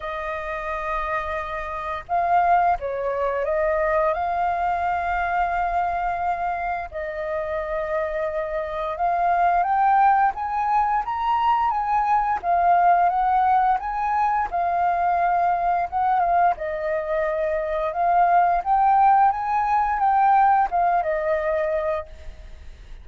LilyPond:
\new Staff \with { instrumentName = "flute" } { \time 4/4 \tempo 4 = 87 dis''2. f''4 | cis''4 dis''4 f''2~ | f''2 dis''2~ | dis''4 f''4 g''4 gis''4 |
ais''4 gis''4 f''4 fis''4 | gis''4 f''2 fis''8 f''8 | dis''2 f''4 g''4 | gis''4 g''4 f''8 dis''4. | }